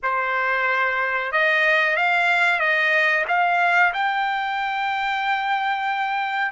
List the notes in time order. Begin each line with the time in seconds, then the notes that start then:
0.02 C5
1.32 D#5
1.96 F5
2.59 D#5
3.28 F5
3.93 G5